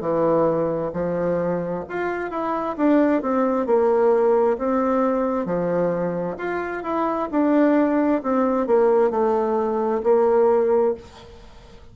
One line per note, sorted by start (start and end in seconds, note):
0.00 0.91 E3
0.93 1.84 F3
1.89 2.30 F4
2.30 2.76 E4
2.77 3.22 D4
3.22 3.66 C4
3.66 4.57 A#3
4.58 5.45 C4
5.45 6.36 F3
6.38 6.83 F4
6.83 7.29 E4
7.31 8.22 D4
8.23 8.67 C4
8.67 9.10 A#3
9.10 10.01 A3
10.03 10.94 A#3